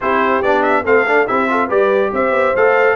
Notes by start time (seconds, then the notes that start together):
0.00 C4 E4 G4 C5
0.42 B3 D4 D5
0.62 E5
0.83 A3 C4 A4 F5
1.06 D4
1.27 C4 E4 G4 E5
1.48 F4 A4
1.67 G3 G4 B4 D5
2.12 C4 C5 E5
2.31 B3
2.55 A3 A4 F5